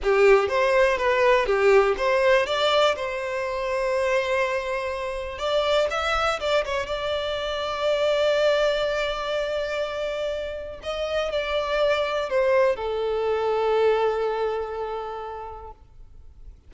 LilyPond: \new Staff \with { instrumentName = "violin" } { \time 4/4 \tempo 4 = 122 g'4 c''4 b'4 g'4 | c''4 d''4 c''2~ | c''2. d''4 | e''4 d''8 cis''8 d''2~ |
d''1~ | d''2 dis''4 d''4~ | d''4 c''4 a'2~ | a'1 | }